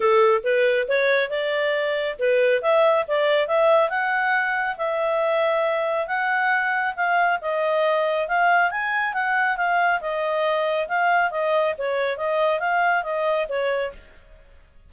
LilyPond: \new Staff \with { instrumentName = "clarinet" } { \time 4/4 \tempo 4 = 138 a'4 b'4 cis''4 d''4~ | d''4 b'4 e''4 d''4 | e''4 fis''2 e''4~ | e''2 fis''2 |
f''4 dis''2 f''4 | gis''4 fis''4 f''4 dis''4~ | dis''4 f''4 dis''4 cis''4 | dis''4 f''4 dis''4 cis''4 | }